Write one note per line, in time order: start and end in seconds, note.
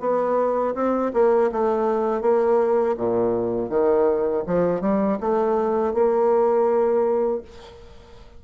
0.00 0.74 B3
0.75 1.12 C4
1.13 1.51 A#3
1.52 2.21 A3
2.21 2.95 A#3
2.97 3.69 A#2
3.69 4.43 D#3
4.46 4.81 F3
4.81 5.18 G3
5.20 5.94 A3
5.94 7.42 A#3